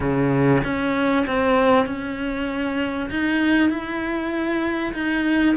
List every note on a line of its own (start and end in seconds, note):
0.00 0.62 C#3
0.64 1.25 C#4
1.27 1.86 C4
1.86 3.09 C#4
3.10 3.69 D#4
3.69 4.93 E4
4.93 5.55 D#4